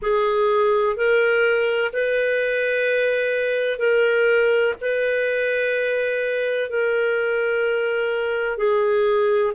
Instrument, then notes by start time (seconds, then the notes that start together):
clarinet
0.02 G#4
0.96 A#4
1.92 B4
3.78 A#4
4.81 B4
6.69 A#4
8.57 G#4